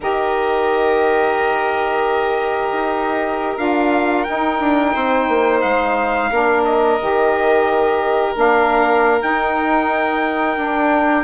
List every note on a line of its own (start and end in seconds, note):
0.00 2.72 D#3
0.00 3.57 G4
0.00 4.93 A#4
0.00 3.58 D#5
2.72 3.57 D#4
3.57 4.25 D4
3.57 4.25 F4
3.57 4.23 F5
4.23 6.31 D#4
4.23 4.60 D#4
4.23 5.59 G5
4.60 4.94 D4
4.93 5.28 C4
4.93 6.29 C5
5.28 5.62 A#3
5.61 6.31 G#3
5.61 6.63 F5
6.31 6.99 A#3
6.31 6.99 D4
6.31 11.24 A#4
6.64 8.35 D#5
7.01 8.36 D#3
7.01 8.34 G4
8.34 9.21 A#3
8.34 9.19 D4
8.34 9.22 F5
9.20 10.56 D#4
9.20 10.57 D#4
9.20 11.24 G5
10.57 11.24 D4